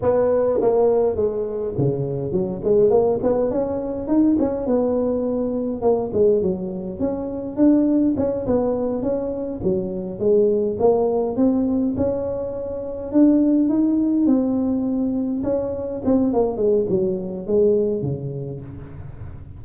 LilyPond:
\new Staff \with { instrumentName = "tuba" } { \time 4/4 \tempo 4 = 103 b4 ais4 gis4 cis4 | fis8 gis8 ais8 b8 cis'4 dis'8 cis'8 | b2 ais8 gis8 fis4 | cis'4 d'4 cis'8 b4 cis'8~ |
cis'8 fis4 gis4 ais4 c'8~ | c'8 cis'2 d'4 dis'8~ | dis'8 c'2 cis'4 c'8 | ais8 gis8 fis4 gis4 cis4 | }